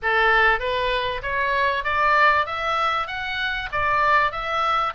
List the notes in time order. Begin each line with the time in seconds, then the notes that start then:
0.02 A4
0.59 B4
1.22 C#5
1.84 D5
2.45 E5
3.07 F#5
3.71 D5
4.31 E5